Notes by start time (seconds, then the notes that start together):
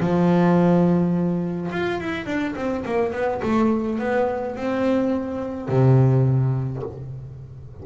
0.00 F3
1.72 F4
2.01 E4
2.26 D4
2.56 C4
2.85 A#3
3.13 B3
3.43 A3
3.99 B3
4.56 C4
5.69 C3